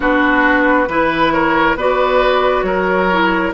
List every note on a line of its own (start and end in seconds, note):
0.00 0.88 B3
0.00 0.86 D4
0.00 0.88 F#4
0.00 1.32 B4
0.88 1.75 E3
0.88 1.78 E4
0.88 1.33 B4
1.32 1.77 A#4
1.32 1.76 C#5
1.75 2.62 B3
1.75 3.10 F#4
1.75 2.65 B4
1.75 2.63 D5
2.62 3.51 F#3
2.62 3.53 A#4
2.62 3.51 C#5
3.11 3.53 E4